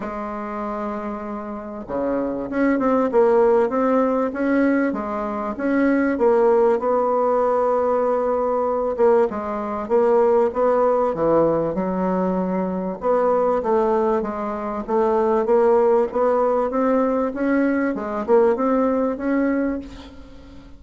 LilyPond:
\new Staff \with { instrumentName = "bassoon" } { \time 4/4 \tempo 4 = 97 gis2. cis4 | cis'8 c'8 ais4 c'4 cis'4 | gis4 cis'4 ais4 b4~ | b2~ b8 ais8 gis4 |
ais4 b4 e4 fis4~ | fis4 b4 a4 gis4 | a4 ais4 b4 c'4 | cis'4 gis8 ais8 c'4 cis'4 | }